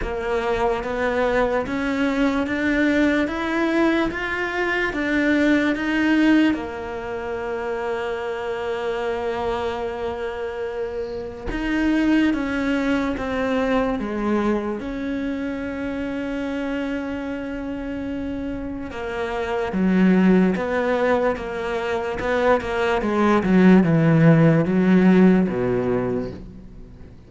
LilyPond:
\new Staff \with { instrumentName = "cello" } { \time 4/4 \tempo 4 = 73 ais4 b4 cis'4 d'4 | e'4 f'4 d'4 dis'4 | ais1~ | ais2 dis'4 cis'4 |
c'4 gis4 cis'2~ | cis'2. ais4 | fis4 b4 ais4 b8 ais8 | gis8 fis8 e4 fis4 b,4 | }